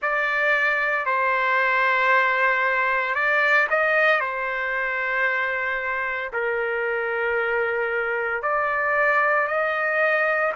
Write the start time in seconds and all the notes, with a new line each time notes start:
0.01 D5
1.05 C5
3.14 D5
3.69 D#5
4.20 C5
6.33 A#4
8.42 D5
9.47 D#5